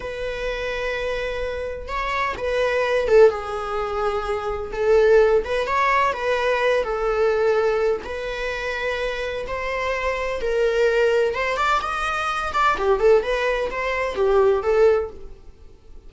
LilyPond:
\new Staff \with { instrumentName = "viola" } { \time 4/4 \tempo 4 = 127 b'1 | cis''4 b'4. a'8 gis'4~ | gis'2 a'4. b'8 | cis''4 b'4. a'4.~ |
a'4 b'2. | c''2 ais'2 | c''8 d''8 dis''4. d''8 g'8 a'8 | b'4 c''4 g'4 a'4 | }